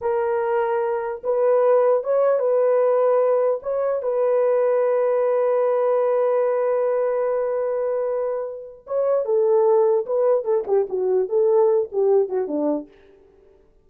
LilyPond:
\new Staff \with { instrumentName = "horn" } { \time 4/4 \tempo 4 = 149 ais'2. b'4~ | b'4 cis''4 b'2~ | b'4 cis''4 b'2~ | b'1~ |
b'1~ | b'2 cis''4 a'4~ | a'4 b'4 a'8 g'8 fis'4 | a'4. g'4 fis'8 d'4 | }